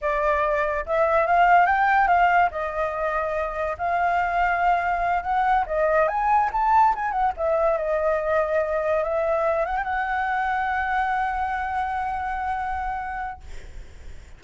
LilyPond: \new Staff \with { instrumentName = "flute" } { \time 4/4 \tempo 4 = 143 d''2 e''4 f''4 | g''4 f''4 dis''2~ | dis''4 f''2.~ | f''8 fis''4 dis''4 gis''4 a''8~ |
a''8 gis''8 fis''8 e''4 dis''4.~ | dis''4. e''4. fis''16 g''16 fis''8~ | fis''1~ | fis''1 | }